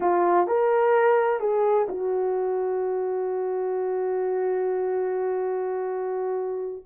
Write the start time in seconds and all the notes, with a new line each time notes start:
0.00 F4
0.47 A#4
1.40 G#4
1.88 F#4